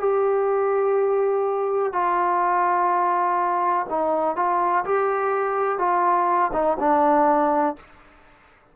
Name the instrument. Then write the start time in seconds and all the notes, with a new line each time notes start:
trombone
0.00 G4
1.93 F4
3.90 D#4
4.36 F4
4.85 G4
5.79 F4
6.53 D#4
6.80 D4